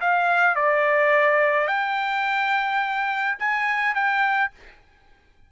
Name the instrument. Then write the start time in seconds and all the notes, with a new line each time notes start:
trumpet
0.00 F5
0.55 D5
1.67 G5
3.39 G#5
3.94 G5